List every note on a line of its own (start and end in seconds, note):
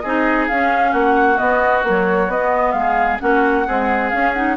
0.00 0.49 C4
0.00 0.50 D#4
0.00 0.91 G#4
0.00 0.45 D#5
0.48 0.93 C#4
0.48 1.36 C#4
0.48 0.93 F5
0.91 1.38 A#3
0.91 2.73 F#4
0.91 1.38 F#5
1.36 1.82 B3
1.36 1.83 B3
1.36 1.83 D#5
1.83 2.32 F#3
1.83 2.27 A#3
1.83 2.30 C#5
2.27 2.73 B3
2.27 2.72 D#5
2.34 3.19 B3
2.72 3.18 G#3
2.72 3.17 F5
2.79 3.22 G#4
3.19 3.67 A#3
3.19 3.65 C#4
3.19 3.67 F#4
3.19 4.09 F#5
3.67 4.12 G#3
3.67 4.12 C4
3.67 4.57 G#4
4.09 4.35 C#4
4.09 4.57 C#4
4.09 4.32 F5
4.33 4.57 D#4
4.33 4.56 F#5